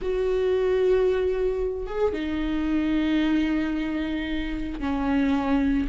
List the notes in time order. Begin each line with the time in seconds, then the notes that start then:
0.01 F#4
1.86 G#4
2.13 D#4
4.79 C#4